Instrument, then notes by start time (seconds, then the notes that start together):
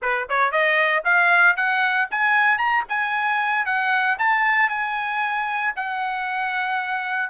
trumpet
0.02 B4
0.29 C#5
0.51 D#5
1.04 F5
1.56 F#5
2.10 G#5
2.58 A#5
2.88 G#5
3.65 F#5
4.19 A5
4.69 G#5
5.75 F#5